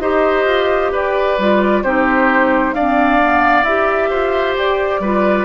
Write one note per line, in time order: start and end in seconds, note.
0.00 0.45 D#4
0.00 1.38 G4
0.00 0.92 C5
0.00 0.91 D#5
0.45 0.90 F4
0.92 1.38 G4
0.92 1.83 B4
0.92 1.83 D5
1.38 1.83 G3
1.38 1.84 F4
1.83 2.73 C4
1.83 2.75 D#4
1.83 2.74 G4
1.83 2.73 C5
2.73 3.20 C4
2.73 3.63 D4
2.73 4.09 D5
2.73 3.63 F5
3.20 3.66 B3
3.63 4.08 E4
3.63 5.03 G4
3.63 4.54 E5
4.09 4.55 F4
4.09 5.00 C5
4.55 5.00 G4
4.55 5.45 D5
5.00 5.45 G3
5.00 5.45 F4
5.00 5.45 B4